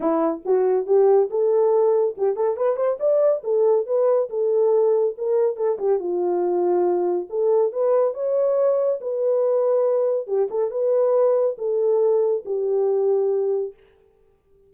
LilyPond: \new Staff \with { instrumentName = "horn" } { \time 4/4 \tempo 4 = 140 e'4 fis'4 g'4 a'4~ | a'4 g'8 a'8 b'8 c''8 d''4 | a'4 b'4 a'2 | ais'4 a'8 g'8 f'2~ |
f'4 a'4 b'4 cis''4~ | cis''4 b'2. | g'8 a'8 b'2 a'4~ | a'4 g'2. | }